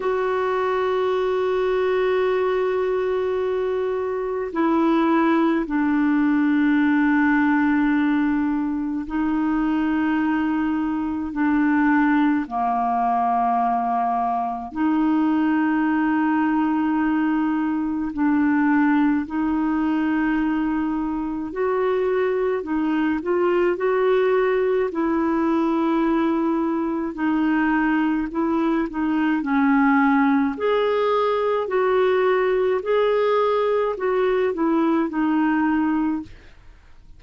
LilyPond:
\new Staff \with { instrumentName = "clarinet" } { \time 4/4 \tempo 4 = 53 fis'1 | e'4 d'2. | dis'2 d'4 ais4~ | ais4 dis'2. |
d'4 dis'2 fis'4 | dis'8 f'8 fis'4 e'2 | dis'4 e'8 dis'8 cis'4 gis'4 | fis'4 gis'4 fis'8 e'8 dis'4 | }